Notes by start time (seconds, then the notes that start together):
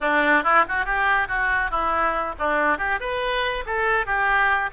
0.00 D4
0.43 E4
0.68 F#4
0.85 G4
1.28 F#4
1.70 E4
2.38 D4
2.78 G4
3.00 B4
3.65 A4
4.05 G4